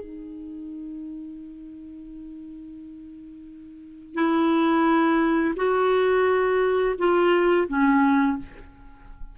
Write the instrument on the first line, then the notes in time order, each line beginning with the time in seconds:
clarinet
0.00 D#4
4.14 E4
5.56 F#4
6.98 F4
7.68 C#4